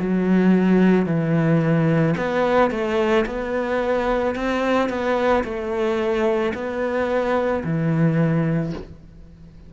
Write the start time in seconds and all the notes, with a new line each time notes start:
0.00 F#3
1.06 E3
2.18 B3
2.71 A3
3.26 B3
4.35 C4
4.89 B3
5.44 A3
6.55 B3
7.64 E3